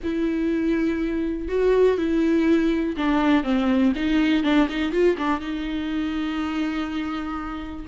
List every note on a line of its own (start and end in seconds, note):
0.03 1.48 E4
1.48 1.97 F#4
1.97 2.96 E4
2.96 3.43 D4
3.43 3.93 C4
3.95 4.43 D#4
4.43 4.68 D4
4.69 4.92 D#4
4.92 5.16 F4
5.17 5.40 D4
5.40 7.86 D#4